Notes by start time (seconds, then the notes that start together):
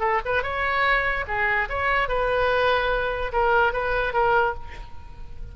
0.00 A4
0.25 B4
0.43 C#5
1.28 G#4
1.70 C#5
2.09 B4
3.33 A#4
3.73 B4
4.13 A#4